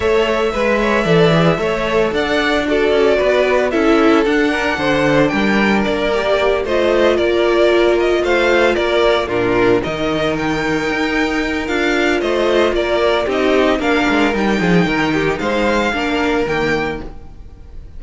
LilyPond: <<
  \new Staff \with { instrumentName = "violin" } { \time 4/4 \tempo 4 = 113 e''1 | fis''4 d''2 e''4 | fis''2 g''4 d''4~ | d''8 dis''4 d''4. dis''8 f''8~ |
f''8 d''4 ais'4 dis''4 g''8~ | g''2 f''4 dis''4 | d''4 dis''4 f''4 g''4~ | g''4 f''2 g''4 | }
  \new Staff \with { instrumentName = "violin" } { \time 4/4 cis''4 b'8 cis''8 d''4 cis''4 | d''4 a'4 b'4 a'4~ | a'8 ais'8 c''4 ais'2~ | ais'8 c''4 ais'2 c''8~ |
c''8 ais'4 f'4 ais'4.~ | ais'2. c''4 | ais'4 g'4 ais'4. gis'8 | ais'8 g'8 c''4 ais'2 | }
  \new Staff \with { instrumentName = "viola" } { \time 4/4 a'4 b'4 a'8 gis'8 a'4~ | a'4 fis'2 e'4 | d'2.~ d'8 g'8~ | g'8 f'2.~ f'8~ |
f'4. d'4 dis'4.~ | dis'2 f'2~ | f'4 dis'4 d'4 dis'4~ | dis'2 d'4 ais4 | }
  \new Staff \with { instrumentName = "cello" } { \time 4/4 a4 gis4 e4 a4 | d'4. cis'8 b4 cis'4 | d'4 d4 g4 ais4~ | ais8 a4 ais2 a8~ |
a8 ais4 ais,4 dis4.~ | dis8 dis'4. d'4 a4 | ais4 c'4 ais8 gis8 g8 f8 | dis4 gis4 ais4 dis4 | }
>>